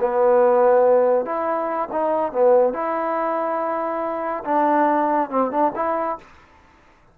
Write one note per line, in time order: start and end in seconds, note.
0.00 1.25 B3
1.25 1.89 E4
1.92 2.32 D#4
2.32 2.73 B3
2.73 4.44 E4
4.44 5.30 D4
5.30 5.51 C4
5.51 5.72 D4
5.75 6.18 E4